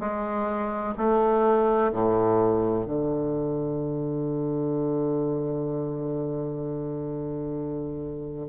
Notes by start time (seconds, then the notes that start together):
0.00 G#3
0.98 A3
1.92 A2
2.86 D3